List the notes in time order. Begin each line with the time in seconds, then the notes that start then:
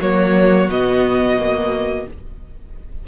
0.00 F#3 A#3 F#4 C#5
0.69 B2 B3 D#5
1.40 A#3